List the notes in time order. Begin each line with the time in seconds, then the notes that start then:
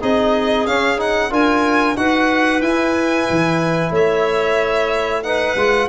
0.00 C4 D#4 G#4 D#5
0.66 C#4 F5
0.98 D#4 F#5
1.30 D4 F4 A#4 G#5
1.96 D#4 F#4 B4 F#5
2.61 E4 G#5
3.30 E3
3.90 A3 C#5 E5
5.23 D#4 B4 F#5
5.56 G#3 F4